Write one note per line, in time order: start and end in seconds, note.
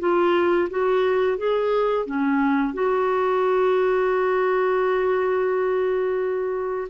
0.00 0.69 F4
0.71 1.38 F#4
1.38 2.06 G#4
2.06 2.74 C#4
2.74 6.88 F#4